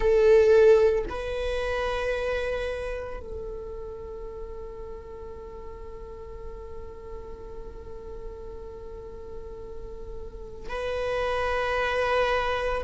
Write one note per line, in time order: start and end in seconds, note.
0.00 1.04 A4
1.09 3.19 B4
3.19 10.69 A4
10.69 12.83 B4